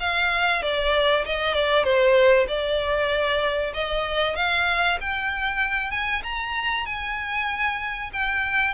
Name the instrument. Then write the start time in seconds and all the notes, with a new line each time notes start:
violin
0.00 F5
0.62 D5
1.26 D#5
1.54 D5
1.84 C5
2.48 D5
3.74 D#5
4.36 F5
5.01 G5
5.91 G#5
6.24 A#5
6.86 G#5
8.13 G5